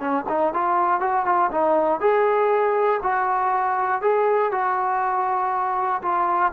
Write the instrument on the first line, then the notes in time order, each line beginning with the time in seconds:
trombone
0.00 C#4
0.29 D#4
0.54 F4
1.01 F#4
1.25 F4
1.51 D#4
2.00 G#4
3.03 F#4
4.02 G#4
4.52 F#4
6.02 F4